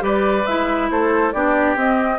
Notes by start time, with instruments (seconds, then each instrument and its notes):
0.00 bassoon G3, clarinet G4, oboe B4, flute D5
0.47 bassoon G#3, clarinet E4, flute E5
0.91 bassoon A3, oboe A4, flute C5
1.33 bassoon B3, clarinet D4, oboe G4, flute D5
1.76 bassoon C4, clarinet C4, flute D#5